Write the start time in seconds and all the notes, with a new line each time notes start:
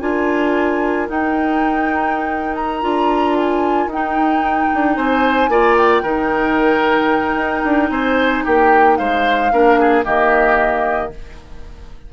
0.00 D4 F4 A#4 G#5
1.08 D#4 G5
2.55 A#5
2.82 D4 F4
3.37 G#5
3.87 D#4 G5
3.93 D#4
4.74 D4
4.96 C4 C5 G#5
5.49 A#3 F4 D5
5.78 G5
6.03 D#3 D#4 A#4
7.35 D#4
7.65 D4
7.90 C4 C5 G#5
8.45 A#3 G4 G5
8.98 G#3 C5 F5
9.52 A#3 D4 A#4
9.80 G#4
10.04 D#3 A#3 G4 D#5